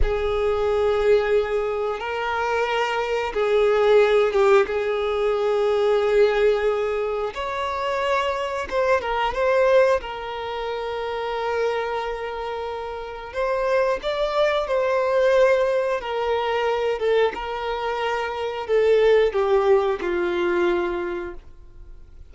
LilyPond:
\new Staff \with { instrumentName = "violin" } { \time 4/4 \tempo 4 = 90 gis'2. ais'4~ | ais'4 gis'4. g'8 gis'4~ | gis'2. cis''4~ | cis''4 c''8 ais'8 c''4 ais'4~ |
ais'1 | c''4 d''4 c''2 | ais'4. a'8 ais'2 | a'4 g'4 f'2 | }